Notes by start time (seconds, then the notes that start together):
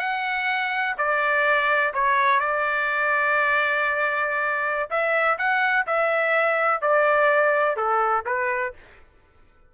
0.00 F#5
0.98 D5
1.94 C#5
2.40 D5
4.90 E5
5.39 F#5
5.87 E5
6.82 D5
7.77 A4
8.26 B4